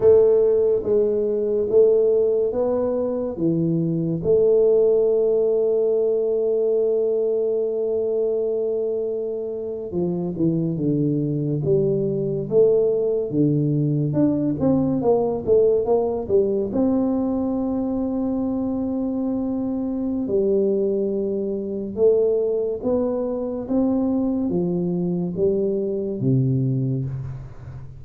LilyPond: \new Staff \with { instrumentName = "tuba" } { \time 4/4 \tempo 4 = 71 a4 gis4 a4 b4 | e4 a2.~ | a2.~ a8. f16~ | f16 e8 d4 g4 a4 d16~ |
d8. d'8 c'8 ais8 a8 ais8 g8 c'16~ | c'1 | g2 a4 b4 | c'4 f4 g4 c4 | }